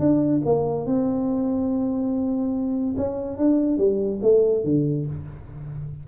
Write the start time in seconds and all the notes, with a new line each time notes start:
0.00 D4
0.46 A#3
0.86 C4
2.98 C#4
3.38 D4
3.78 G3
4.22 A3
4.64 D3